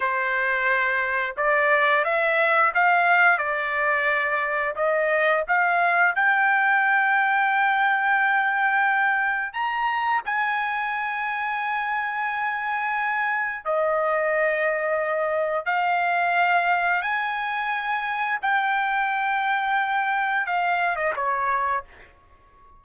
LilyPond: \new Staff \with { instrumentName = "trumpet" } { \time 4/4 \tempo 4 = 88 c''2 d''4 e''4 | f''4 d''2 dis''4 | f''4 g''2.~ | g''2 ais''4 gis''4~ |
gis''1 | dis''2. f''4~ | f''4 gis''2 g''4~ | g''2 f''8. dis''16 cis''4 | }